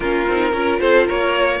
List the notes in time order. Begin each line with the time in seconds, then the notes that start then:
0.00 A#3 C#4 F4 A#4
0.27 C4 D#4
0.52 C#4 F4 A#4
0.79 C4 A4 C5
1.06 A#3 A#4 C#5